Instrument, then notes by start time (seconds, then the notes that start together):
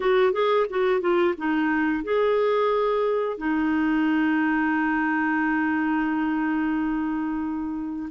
clarinet
0.00 F#4
0.32 G#4
0.69 F#4
1.01 F4
1.37 D#4
2.03 G#4
3.37 D#4